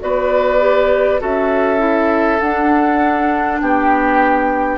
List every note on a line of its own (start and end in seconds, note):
0.00 1.22 B3
0.00 0.60 F#4
0.00 1.21 B4
0.00 1.21 D5
0.60 1.20 G4
1.20 2.41 C#4
1.20 1.78 F#4
1.20 3.61 A4
1.20 2.40 E5
1.78 2.38 E4
2.40 3.60 D4
2.40 4.78 D4
2.40 3.60 F#5
3.60 4.78 B3
3.60 4.78 G4
3.60 4.78 G5